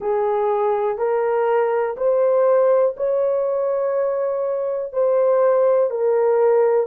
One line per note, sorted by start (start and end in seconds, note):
0.00 0.97 G#4
0.97 1.96 A#4
1.96 2.95 C5
2.96 4.92 C#5
4.92 5.90 C5
5.90 6.86 A#4